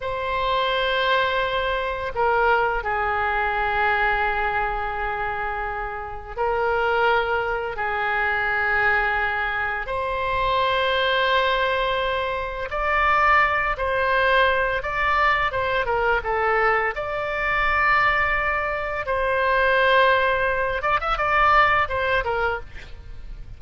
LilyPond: \new Staff \with { instrumentName = "oboe" } { \time 4/4 \tempo 4 = 85 c''2. ais'4 | gis'1~ | gis'4 ais'2 gis'4~ | gis'2 c''2~ |
c''2 d''4. c''8~ | c''4 d''4 c''8 ais'8 a'4 | d''2. c''4~ | c''4. d''16 e''16 d''4 c''8 ais'8 | }